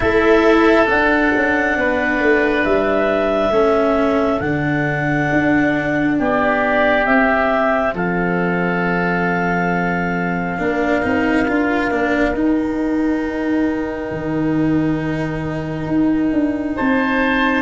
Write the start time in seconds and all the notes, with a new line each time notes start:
0.00 A3 E4 A4 E5
0.85 D4 F#5
1.34 C#4
1.76 B3 B4
2.20 A3
2.64 G3 E5
3.50 A3 C#4 A4
4.40 D3 D4 F#5
5.32 D4
6.17 B3 G4 D5
7.05 C4 E5
7.94 F3 A4 F5
10.58 A#3 D4 A#4
11.02 C4 D#4
11.47 D4 F4
11.90 A#3 D4
12.33 D#4 G5
14.11 D#3
15.87 D#4
16.32 D4
16.76 C4 C5 A5